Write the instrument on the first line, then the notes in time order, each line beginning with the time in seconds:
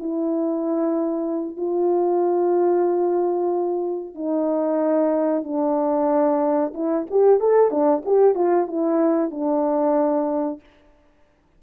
horn
0.00 E4
1.57 F4
4.15 D#4
5.44 D4
6.74 E4
7.11 G4
7.40 A4
7.71 D4
8.06 G4
8.35 F4
8.68 E4
9.31 D4